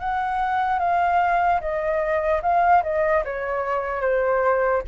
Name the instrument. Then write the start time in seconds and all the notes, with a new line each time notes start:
flute
0.00 F#5
0.79 F5
1.61 D#5
2.43 F5
2.83 D#5
3.25 C#5
4.01 C5